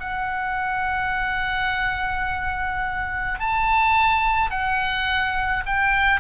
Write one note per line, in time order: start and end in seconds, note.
0.00 3.40 F#5
3.40 4.50 A5
4.50 5.63 F#5
5.66 6.20 G5